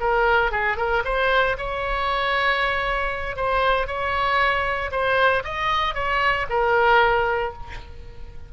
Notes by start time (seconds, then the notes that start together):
0.00 A#4
0.51 G#4
0.77 A#4
1.05 C5
1.58 C#5
3.36 C5
3.87 C#5
4.91 C5
5.44 D#5
5.95 C#5
6.49 A#4